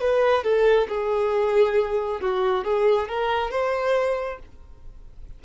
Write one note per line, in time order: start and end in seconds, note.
0.00 0.43 B4
0.43 0.87 A4
0.88 2.21 G#4
2.21 2.64 F#4
2.64 3.08 G#4
3.08 3.51 A#4
3.51 4.39 C5